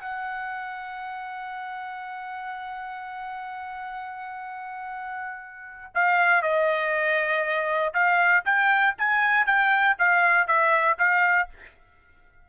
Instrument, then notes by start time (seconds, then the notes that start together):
trumpet
0.00 F#5
5.94 F5
6.42 D#5
7.94 F5
8.45 G5
8.98 G#5
9.46 G5
9.98 F5
10.47 E5
10.98 F5